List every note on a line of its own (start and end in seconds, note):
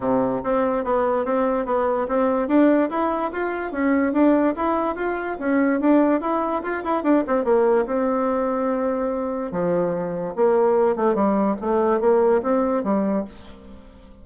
0.00 0.41 C3
0.43 0.84 C4
0.84 1.25 B3
1.25 1.65 C4
1.65 2.07 B3
2.07 2.48 C4
2.48 2.89 D4
2.90 3.31 E4
3.32 3.72 F4
3.72 4.13 C#4
4.13 4.54 D4
4.56 4.95 E4
4.95 5.37 F4
5.39 5.80 C#4
5.80 6.21 D4
6.21 6.62 E4
6.62 6.83 F4
6.84 7.03 E4
7.03 7.24 D4
7.27 7.44 C4
7.44 7.85 A#3
7.85 9.51 C4
9.51 10.34 F3
10.35 10.96 A#3
10.96 11.14 A3
11.14 11.56 G3
11.60 12.00 A3
12.00 12.41 A#3
12.42 12.83 C4
12.83 13.24 G3